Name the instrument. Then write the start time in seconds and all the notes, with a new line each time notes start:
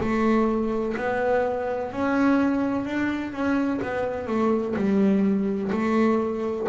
double bass
0.00 A3
0.97 B3
1.92 C#4
2.85 D4
3.32 C#4
3.82 B3
4.27 A3
4.76 G3
5.72 A3